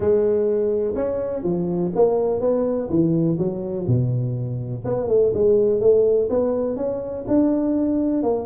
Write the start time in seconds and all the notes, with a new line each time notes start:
0.00 G#3
0.95 C#4
1.43 F3
1.95 A#3
2.40 B3
2.89 E3
3.38 F#3
3.87 B2
4.85 B3
5.08 A3
5.34 G#3
5.80 A3
6.29 B3
6.76 C#4
7.27 D4
8.22 A#3